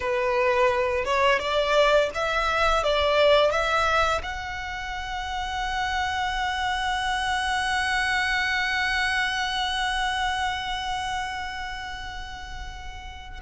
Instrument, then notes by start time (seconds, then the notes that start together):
violin
0.00 B4
1.05 C#5
1.39 D5
2.14 E5
2.83 D5
3.51 E5
4.23 F#5